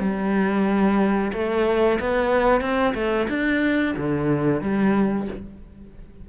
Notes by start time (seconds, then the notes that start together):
0.00 G3
1.33 A3
2.00 B3
2.61 C4
2.95 A3
3.29 D4
3.97 D3
4.62 G3